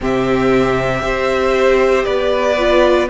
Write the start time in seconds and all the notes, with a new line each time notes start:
0.00 C3 C4 G4 E5
1.01 C4 G4 C5
2.04 B3 B4 D5
2.57 F4